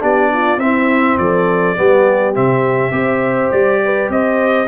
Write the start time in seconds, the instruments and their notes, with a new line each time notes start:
0.00 tuba B3, trombone D4, horn G4, trumpet D5
0.33 horn F4
0.58 tuba C4, trombone C4, horn E4, trumpet E5
1.18 tuba F3, horn A4, trumpet D5
1.77 tuba G3, trombone B3, horn G4
2.34 tuba C3, trombone C4, trumpet E5
2.92 tuba C4, trombone G4, horn C5
3.52 tuba G3, trumpet D5
3.85 horn B4
4.10 tuba C4, horn C5, trumpet D#5